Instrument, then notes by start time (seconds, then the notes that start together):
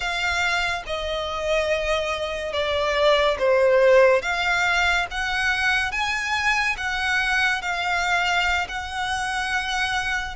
violin
0.00 F5
0.86 D#5
2.52 D5
3.38 C5
4.21 F5
5.10 F#5
5.91 G#5
6.77 F#5
7.61 F5
8.68 F#5